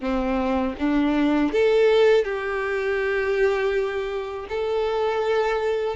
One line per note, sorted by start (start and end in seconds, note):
0.00 0.74 C4
0.79 1.52 D4
1.52 2.24 A4
2.24 4.46 G4
4.49 5.96 A4